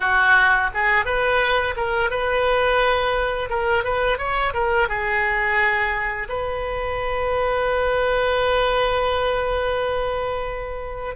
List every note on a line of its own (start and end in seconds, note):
0.00 0.70 F#4
0.74 1.05 G#4
1.05 1.74 B4
1.76 2.10 A#4
2.10 3.49 B4
3.49 3.83 A#4
3.83 4.18 B4
4.18 4.53 C#5
4.53 4.88 A#4
4.88 6.28 G#4
6.29 11.15 B4